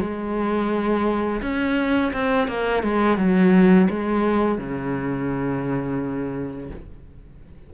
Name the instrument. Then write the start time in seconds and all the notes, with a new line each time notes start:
cello
0.00 G#3
1.41 C#4
2.13 C4
2.48 A#3
2.82 G#3
3.17 F#3
3.90 G#3
4.58 C#3